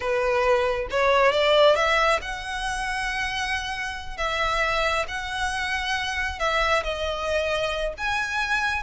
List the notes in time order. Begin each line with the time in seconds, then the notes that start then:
0.00 B4
0.90 C#5
1.32 D5
1.75 E5
2.21 F#5
4.17 E5
5.07 F#5
6.39 E5
6.83 D#5
7.97 G#5